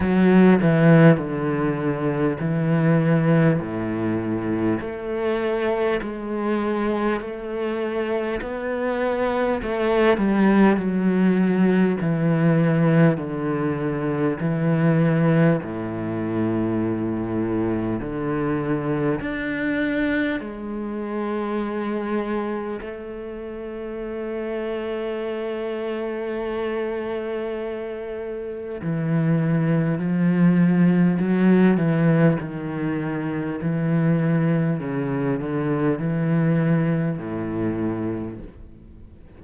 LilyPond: \new Staff \with { instrumentName = "cello" } { \time 4/4 \tempo 4 = 50 fis8 e8 d4 e4 a,4 | a4 gis4 a4 b4 | a8 g8 fis4 e4 d4 | e4 a,2 d4 |
d'4 gis2 a4~ | a1 | e4 f4 fis8 e8 dis4 | e4 cis8 d8 e4 a,4 | }